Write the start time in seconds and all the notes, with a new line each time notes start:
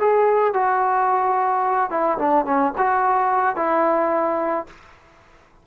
0.00 G#4
0.54 F#4
1.91 E4
2.18 D4
2.46 C#4
2.78 F#4
3.56 E4